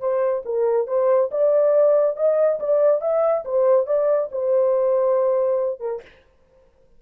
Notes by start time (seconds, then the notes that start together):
0.00 C5
0.45 A#4
0.87 C5
1.31 D5
2.16 D#5
2.59 D5
3.01 E5
3.45 C5
3.86 D5
4.31 C5
5.80 A#4